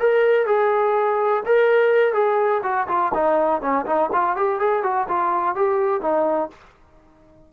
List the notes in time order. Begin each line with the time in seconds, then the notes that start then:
0.00 A#4
0.46 G#4
1.46 A#4
2.14 G#4
2.63 F#4
2.88 F4
3.14 D#4
3.61 C#4
3.86 D#4
4.13 F4
4.36 G4
4.59 G#4
4.83 F#4
5.09 F4
5.56 G4
6.01 D#4